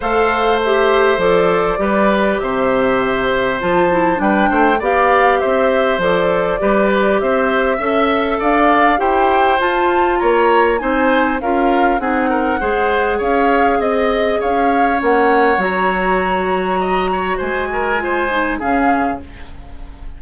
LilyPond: <<
  \new Staff \with { instrumentName = "flute" } { \time 4/4 \tempo 4 = 100 f''4 e''4 d''2 | e''2 a''4 g''4 | f''4 e''4 d''2 | e''2 f''4 g''4 |
a''4 ais''4 gis''4 f''4 | fis''2 f''4 dis''4 | f''4 fis''4 ais''2~ | ais''4 gis''2 f''4 | }
  \new Staff \with { instrumentName = "oboe" } { \time 4/4 c''2. b'4 | c''2. b'8 c''8 | d''4 c''2 b'4 | c''4 e''4 d''4 c''4~ |
c''4 cis''4 c''4 ais'4 | gis'8 ais'8 c''4 cis''4 dis''4 | cis''1 | dis''8 cis''8 c''8 ais'8 c''4 gis'4 | }
  \new Staff \with { instrumentName = "clarinet" } { \time 4/4 a'4 g'4 a'4 g'4~ | g'2 f'8 e'8 d'4 | g'2 a'4 g'4~ | g'4 a'2 g'4 |
f'2 dis'4 f'4 | dis'4 gis'2.~ | gis'4 cis'4 fis'2~ | fis'2 f'8 dis'8 cis'4 | }
  \new Staff \with { instrumentName = "bassoon" } { \time 4/4 a2 f4 g4 | c2 f4 g8 a8 | b4 c'4 f4 g4 | c'4 cis'4 d'4 e'4 |
f'4 ais4 c'4 cis'4 | c'4 gis4 cis'4 c'4 | cis'4 ais4 fis2~ | fis4 gis2 cis4 | }
>>